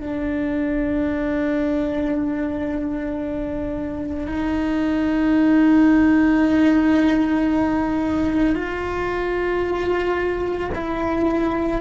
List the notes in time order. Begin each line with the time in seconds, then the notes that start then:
0.00 D4
4.27 D#4
8.55 F4
10.74 E4